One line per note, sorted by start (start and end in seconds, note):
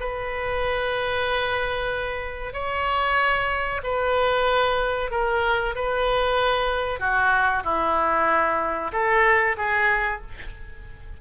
0.00 2.54 B4
2.54 3.81 C#5
3.83 5.11 B4
5.11 5.75 A#4
5.75 7.00 B4
7.00 7.63 F#4
7.64 8.92 E4
8.92 9.56 A4
9.57 10.21 G#4